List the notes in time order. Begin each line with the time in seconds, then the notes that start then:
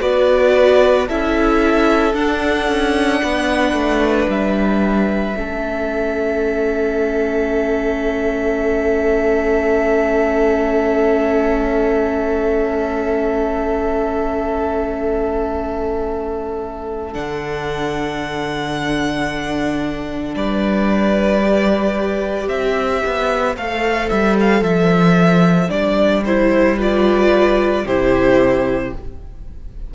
0.00 B3 F#4 B4 D5
1.07 C#4 E4 A4 E5
2.13 D4 F#5
2.68 C#4
3.23 B3 B4
3.72 A3
4.28 G3 E5
5.36 A3 C#4 A4
17.12 D3 D4 F#5
20.35 G3 B4 D5
21.42 G4
22.48 C4 C5 E5
23.05 B3
23.56 A3 A4 F5
24.09 G3 E5
24.40 F5
24.61 F3 E5
25.68 G3 D4 D5
26.25 E4 C5
26.76 F4 B4 D5
27.85 C3 E4 G4 C5